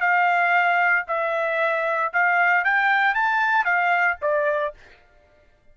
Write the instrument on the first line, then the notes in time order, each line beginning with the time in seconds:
trumpet
0.00 F5
1.07 E5
2.13 F5
2.64 G5
3.14 A5
3.65 F5
4.21 D5